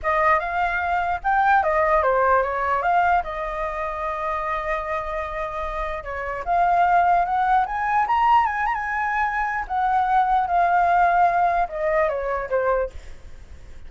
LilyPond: \new Staff \with { instrumentName = "flute" } { \time 4/4 \tempo 4 = 149 dis''4 f''2 g''4 | dis''4 c''4 cis''4 f''4 | dis''1~ | dis''2. cis''4 |
f''2 fis''4 gis''4 | ais''4 gis''8 ais''16 gis''2~ gis''16 | fis''2 f''2~ | f''4 dis''4 cis''4 c''4 | }